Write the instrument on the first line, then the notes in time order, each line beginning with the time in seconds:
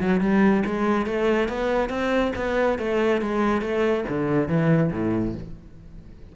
cello
0.00 F#3
0.21 G3
0.66 G#3
1.07 A3
1.49 B3
1.90 C4
2.36 B3
2.79 A3
3.22 G#3
3.62 A3
4.09 D3
4.49 E3
4.92 A2